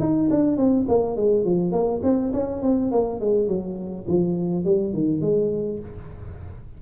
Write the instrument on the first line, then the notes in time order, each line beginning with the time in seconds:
tuba
0.00 D#4
0.30 D4
0.57 C4
0.88 A#3
1.16 G#3
1.45 F3
1.72 A#3
2.03 C4
2.33 C#4
2.62 C4
2.92 A#3
3.20 G#3
3.48 F#3
4.07 F3
4.65 G3
4.93 D#3
5.21 G#3